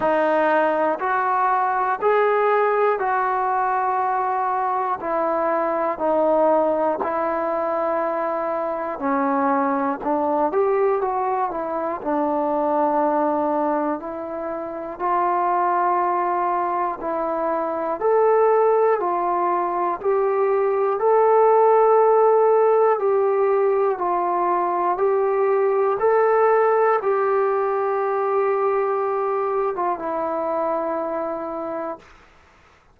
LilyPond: \new Staff \with { instrumentName = "trombone" } { \time 4/4 \tempo 4 = 60 dis'4 fis'4 gis'4 fis'4~ | fis'4 e'4 dis'4 e'4~ | e'4 cis'4 d'8 g'8 fis'8 e'8 | d'2 e'4 f'4~ |
f'4 e'4 a'4 f'4 | g'4 a'2 g'4 | f'4 g'4 a'4 g'4~ | g'4.~ g'16 f'16 e'2 | }